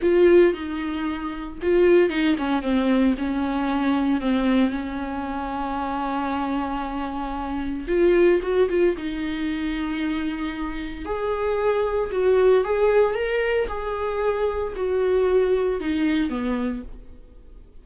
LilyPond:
\new Staff \with { instrumentName = "viola" } { \time 4/4 \tempo 4 = 114 f'4 dis'2 f'4 | dis'8 cis'8 c'4 cis'2 | c'4 cis'2.~ | cis'2. f'4 |
fis'8 f'8 dis'2.~ | dis'4 gis'2 fis'4 | gis'4 ais'4 gis'2 | fis'2 dis'4 b4 | }